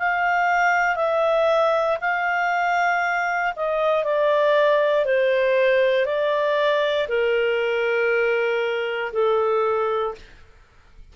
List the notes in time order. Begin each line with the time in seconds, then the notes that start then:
0.00 F5
0.96 E5
2.01 F5
3.56 D#5
4.04 D5
5.06 C5
6.06 D5
7.09 A#4
9.13 A4